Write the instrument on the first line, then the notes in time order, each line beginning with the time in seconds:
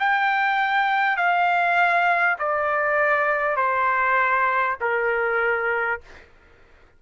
trumpet
0.00 G5
1.17 F5
2.39 D5
3.57 C5
4.81 A#4